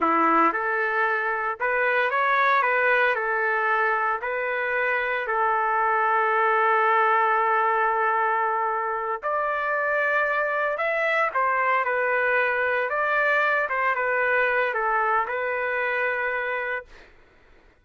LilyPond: \new Staff \with { instrumentName = "trumpet" } { \time 4/4 \tempo 4 = 114 e'4 a'2 b'4 | cis''4 b'4 a'2 | b'2 a'2~ | a'1~ |
a'4. d''2~ d''8~ | d''8 e''4 c''4 b'4.~ | b'8 d''4. c''8 b'4. | a'4 b'2. | }